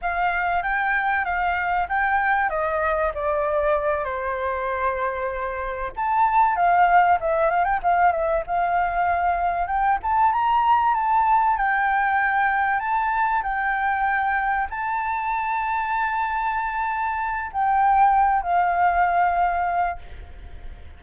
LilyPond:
\new Staff \with { instrumentName = "flute" } { \time 4/4 \tempo 4 = 96 f''4 g''4 f''4 g''4 | dis''4 d''4. c''4.~ | c''4. a''4 f''4 e''8 | f''16 g''16 f''8 e''8 f''2 g''8 |
a''8 ais''4 a''4 g''4.~ | g''8 a''4 g''2 a''8~ | a''1 | g''4. f''2~ f''8 | }